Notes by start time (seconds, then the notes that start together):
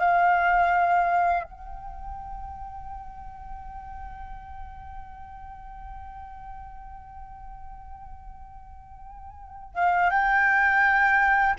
0.00 F5
1.44 G5
9.74 F5
10.10 G5